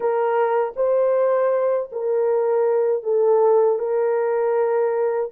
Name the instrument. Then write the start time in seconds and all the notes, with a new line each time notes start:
horn
0.00 A#4
0.76 C5
1.92 A#4
3.03 A4
3.78 A#4